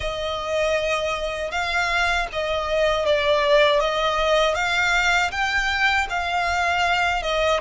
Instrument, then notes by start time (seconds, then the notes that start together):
violin
0.00 D#5
1.51 F5
2.32 D#5
3.06 D5
3.80 D#5
4.54 F5
5.31 G5
6.09 F5
7.22 D#5